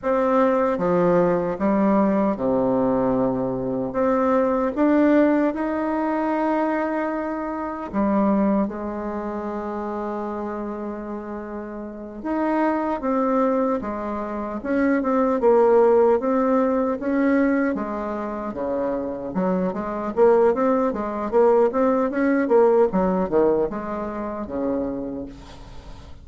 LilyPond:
\new Staff \with { instrumentName = "bassoon" } { \time 4/4 \tempo 4 = 76 c'4 f4 g4 c4~ | c4 c'4 d'4 dis'4~ | dis'2 g4 gis4~ | gis2.~ gis8 dis'8~ |
dis'8 c'4 gis4 cis'8 c'8 ais8~ | ais8 c'4 cis'4 gis4 cis8~ | cis8 fis8 gis8 ais8 c'8 gis8 ais8 c'8 | cis'8 ais8 fis8 dis8 gis4 cis4 | }